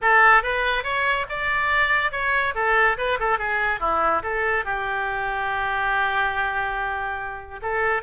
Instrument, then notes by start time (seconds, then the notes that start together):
oboe
0.01 A4
0.42 B4
0.83 C#5
1.29 D5
2.11 C#5
2.55 A4
2.97 B4
3.19 A4
3.38 G#4
3.80 E4
4.22 A4
4.64 G4
7.62 A4